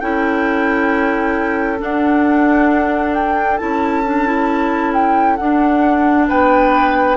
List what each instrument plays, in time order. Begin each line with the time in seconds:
0.00 bassoon C#4, clarinet E4, oboe A4, flute G5
1.79 clarinet D4, bassoon D4, flute F#5
3.15 flute G5
3.58 bassoon C#4, clarinet E4, flute A5
4.06 clarinet D4
4.26 clarinet E4
4.94 flute G5
5.37 bassoon D4, clarinet D4, flute F#5
6.29 bassoon B3, oboe B4, flute G5